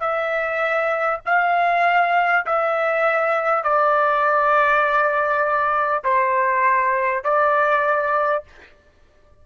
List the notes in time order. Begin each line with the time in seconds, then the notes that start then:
0.00 E5
1.25 F5
2.46 E5
3.64 D5
6.04 C5
7.24 D5